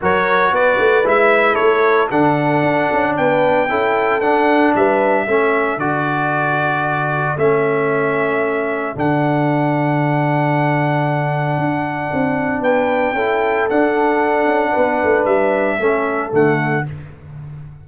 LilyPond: <<
  \new Staff \with { instrumentName = "trumpet" } { \time 4/4 \tempo 4 = 114 cis''4 d''4 e''4 cis''4 | fis''2 g''2 | fis''4 e''2 d''4~ | d''2 e''2~ |
e''4 fis''2.~ | fis''1 | g''2 fis''2~ | fis''4 e''2 fis''4 | }
  \new Staff \with { instrumentName = "horn" } { \time 4/4 ais'4 b'2 a'4~ | a'2 b'4 a'4~ | a'4 b'4 a'2~ | a'1~ |
a'1~ | a'1 | b'4 a'2. | b'2 a'2 | }
  \new Staff \with { instrumentName = "trombone" } { \time 4/4 fis'2 e'2 | d'2. e'4 | d'2 cis'4 fis'4~ | fis'2 cis'2~ |
cis'4 d'2.~ | d'1~ | d'4 e'4 d'2~ | d'2 cis'4 a4 | }
  \new Staff \with { instrumentName = "tuba" } { \time 4/4 fis4 b8 a8 gis4 a4 | d4 d'8 cis'8 b4 cis'4 | d'4 g4 a4 d4~ | d2 a2~ |
a4 d2.~ | d2 d'4 c'4 | b4 cis'4 d'4. cis'8 | b8 a8 g4 a4 d4 | }
>>